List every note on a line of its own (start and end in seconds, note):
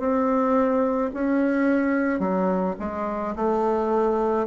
0.00 1.11 C4
1.14 2.20 C#4
2.20 2.75 F#3
2.80 3.35 G#3
3.36 4.47 A3